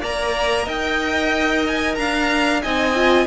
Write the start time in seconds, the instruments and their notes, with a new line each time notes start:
0.00 cello A#3, viola A#4, violin D5 A#5
0.65 cello D#4, violin D#5 G5
1.67 violin G#5
1.95 cello D4, violin F5 A#5
2.62 cello C4, viola D#4, violin D#5 G#5
2.95 viola F4